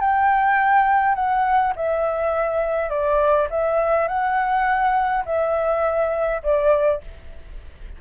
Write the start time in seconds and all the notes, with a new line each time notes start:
0.00 G5
1.15 F#5
1.76 E5
2.89 D5
3.50 E5
4.08 F#5
5.25 E5
6.43 D5